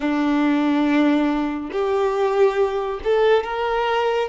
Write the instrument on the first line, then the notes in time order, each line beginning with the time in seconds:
violin
0.00 D4
1.71 G4
3.04 A4
3.43 A#4